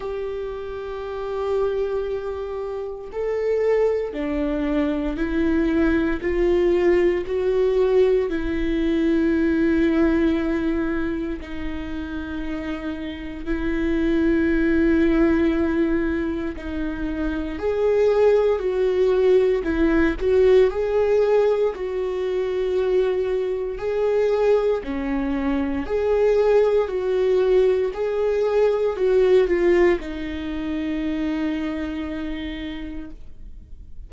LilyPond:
\new Staff \with { instrumentName = "viola" } { \time 4/4 \tempo 4 = 58 g'2. a'4 | d'4 e'4 f'4 fis'4 | e'2. dis'4~ | dis'4 e'2. |
dis'4 gis'4 fis'4 e'8 fis'8 | gis'4 fis'2 gis'4 | cis'4 gis'4 fis'4 gis'4 | fis'8 f'8 dis'2. | }